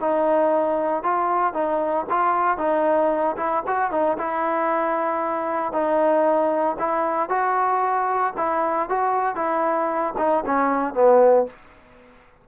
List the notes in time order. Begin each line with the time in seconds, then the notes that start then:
0.00 D#4
1.03 F4
1.54 D#4
2.10 F4
2.58 D#4
3.37 E4
3.67 F#4
3.91 D#4
4.18 E4
5.72 D#4
6.79 E4
7.29 F#4
8.37 E4
8.89 F#4
9.36 E4
10.18 D#4
10.46 C#4
10.94 B3